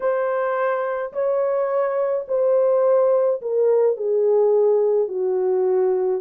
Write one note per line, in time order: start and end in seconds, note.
0.00 1.12 C5
1.12 2.25 C#5
2.27 3.41 C5
3.41 3.96 A#4
3.96 5.08 G#4
5.08 6.21 F#4